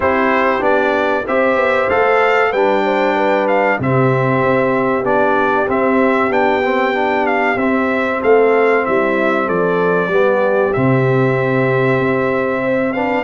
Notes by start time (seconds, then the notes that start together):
0.00 C4 E4 G4 C5
0.60 B3 D4 D5
1.26 C4 G4 C5 E5
1.56 B3
1.89 A3 A4 F5
2.50 G3 D4 B4 G5
2.84 C5
3.15 B4
3.47 F5
3.79 C3 C4 G4 E5
4.43 C4
5.03 B3 D4 D5
5.68 C4 E5
6.29 B3 D4 G5
6.62 C4
6.94 D4
7.26 F5
7.56 C4 E5
8.20 A3 A4 F5
8.85 G3 E4 E5
9.45 F3 A4 D5
10.07 G3 B3 G4
10.73 C3 C4 E5
11.99 C4
12.62 C5
12.92 D4 B4 F5